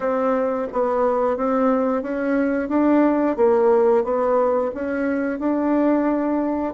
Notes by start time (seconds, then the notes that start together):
0.00 C4
0.72 B3
1.37 C4
2.02 C#4
2.68 D4
3.36 A#3
4.04 B3
4.74 C#4
5.39 D4